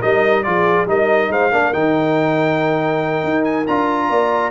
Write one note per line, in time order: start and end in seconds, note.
0.00 0.45 G3
0.00 0.44 D#4
0.00 0.43 A#4
0.00 0.43 D#5
0.43 0.86 F3
0.43 0.87 F4
0.43 0.88 G#4
0.43 0.86 D5
0.86 1.28 G3
0.86 1.51 D#4
0.86 1.31 A#4
0.86 1.32 D#5
1.29 1.51 G#3
1.29 1.52 C5
1.29 1.73 F5
1.51 1.73 A#3
1.51 1.73 D4
1.51 4.09 A#4
1.73 3.23 D#3
1.73 3.66 D#4
1.73 3.44 G5
3.24 3.66 D#4
3.44 3.66 G#5
3.67 4.09 D4
3.67 4.51 F4
3.67 4.51 A#5
4.09 4.51 A#3
4.09 4.51 D5